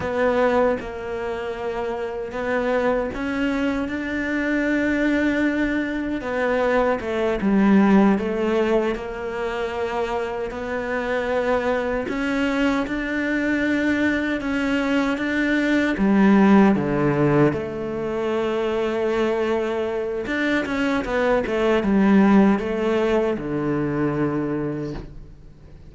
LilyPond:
\new Staff \with { instrumentName = "cello" } { \time 4/4 \tempo 4 = 77 b4 ais2 b4 | cis'4 d'2. | b4 a8 g4 a4 ais8~ | ais4. b2 cis'8~ |
cis'8 d'2 cis'4 d'8~ | d'8 g4 d4 a4.~ | a2 d'8 cis'8 b8 a8 | g4 a4 d2 | }